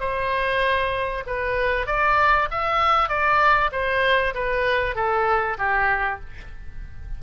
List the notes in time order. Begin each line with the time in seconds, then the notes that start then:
0.00 C5
1.26 B4
1.86 D5
2.51 E5
3.09 D5
3.72 C5
4.34 B4
4.95 A4
5.58 G4